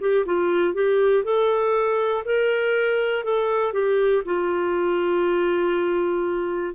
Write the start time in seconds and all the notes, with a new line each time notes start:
0.00 G4
0.25 F4
0.74 G4
1.24 A4
2.25 A#4
3.24 A4
3.73 G4
4.25 F4